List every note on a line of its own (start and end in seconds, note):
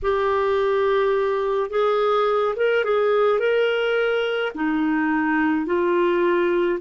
0.02 1.70 G4
1.70 2.55 G#4
2.56 2.84 A#4
2.84 3.39 G#4
3.39 4.52 A#4
4.54 5.66 D#4
5.66 6.79 F4